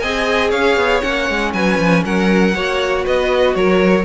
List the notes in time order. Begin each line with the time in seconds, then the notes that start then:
0.00 C4 G#4 D#5 G#5
0.50 C#4 C#5 F5
0.77 B3
1.02 A#3 C#4 F#5
1.30 G#3
1.53 F#3 B4 G#5
1.78 F3
2.05 F#3 A#4 F#5
2.54 A#3 F#4 C#5
3.05 B3 B4 D#5
3.55 F#3 A#4 C#5